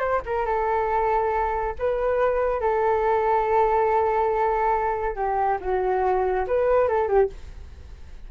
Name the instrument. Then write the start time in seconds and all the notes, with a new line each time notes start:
flute
0.00 C5
0.26 A#4
0.46 A4
1.79 B4
2.61 A4
5.16 G4
5.61 F#4
6.47 B4
6.88 A4
7.08 G4